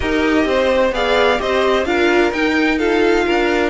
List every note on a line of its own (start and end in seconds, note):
0.00 0.45 D#4
0.00 0.92 G4
0.00 0.45 A#4
0.00 0.92 D#5
0.45 0.91 C4
0.45 0.94 C5
0.91 1.38 B3
0.91 1.37 G#4
0.91 1.40 D5
0.91 1.40 F5
1.37 1.85 C4
1.37 1.84 G4
1.37 1.87 C5
1.37 1.85 D#5
1.85 2.31 D4
1.85 2.32 F4
1.85 2.78 A#4
1.85 2.31 F5
2.32 3.26 D#4
2.32 2.79 D#4
2.32 2.78 G5
2.78 3.70 F4
2.78 3.25 A4
2.78 3.70 F5
3.25 3.70 D4
3.25 3.70 A#4